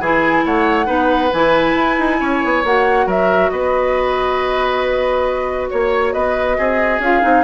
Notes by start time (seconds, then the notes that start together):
0.00 E3 E4 G#4 G#5
0.46 A3 C#5 F#5
0.86 B3 D#4 B4
1.33 E3 E4 G#5
1.75 E4
1.99 D#4
2.20 C#4 C#5
2.45 B3
2.65 A#3 F#4 F#5
3.07 F#3 A#4 E5
3.50 B3 B4 D#5
5.70 A#3 C#5
6.13 B3 B4 D#5
6.59 C4 G#4
7.00 C#4 F4 F5
7.22 C4 D#4